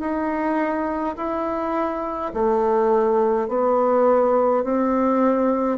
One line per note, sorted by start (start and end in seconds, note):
0.00 1.15 D#4
1.17 2.32 E4
2.34 3.49 A3
3.49 4.64 B3
4.64 5.78 C4